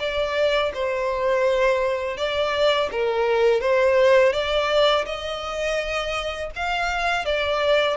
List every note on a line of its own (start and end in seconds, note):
0.00 0.72 D5
0.74 2.18 C5
2.18 2.90 D5
2.92 3.61 A#4
3.61 4.33 C5
4.33 5.05 D5
5.06 6.51 D#5
6.56 7.26 F5
7.26 7.97 D5